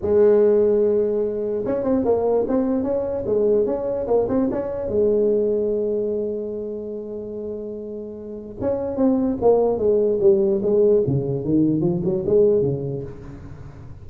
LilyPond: \new Staff \with { instrumentName = "tuba" } { \time 4/4 \tempo 4 = 147 gis1 | cis'8 c'8 ais4 c'4 cis'4 | gis4 cis'4 ais8 c'8 cis'4 | gis1~ |
gis1~ | gis4 cis'4 c'4 ais4 | gis4 g4 gis4 cis4 | dis4 f8 fis8 gis4 cis4 | }